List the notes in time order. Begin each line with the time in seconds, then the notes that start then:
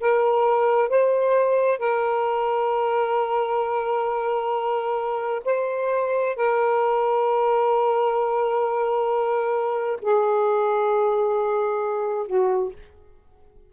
0.00 A#4
0.89 C5
1.78 A#4
5.45 C5
6.36 A#4
10.01 G#4
12.26 F#4